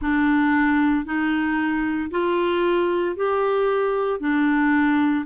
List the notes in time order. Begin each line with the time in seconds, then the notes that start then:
0.01 D4
1.05 D#4
2.11 F4
3.16 G4
4.20 D4